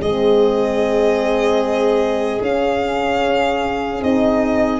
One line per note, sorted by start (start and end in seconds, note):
0.00 2.40 G#3
0.00 2.44 C4
0.00 4.80 G#4
0.00 2.42 D#5
2.41 4.01 C#4
2.41 4.00 C#4
2.41 4.03 F5
4.00 4.80 C4
4.00 4.80 D#4
4.00 4.80 D#5